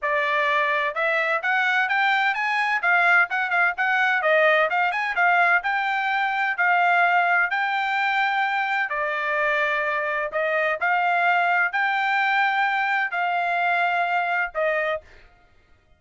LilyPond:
\new Staff \with { instrumentName = "trumpet" } { \time 4/4 \tempo 4 = 128 d''2 e''4 fis''4 | g''4 gis''4 f''4 fis''8 f''8 | fis''4 dis''4 f''8 gis''8 f''4 | g''2 f''2 |
g''2. d''4~ | d''2 dis''4 f''4~ | f''4 g''2. | f''2. dis''4 | }